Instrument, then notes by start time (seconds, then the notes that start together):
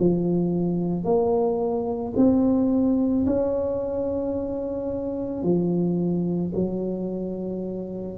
tuba
0.00 F3
1.05 A#3
2.17 C4
3.27 C#4
5.43 F3
6.55 F#3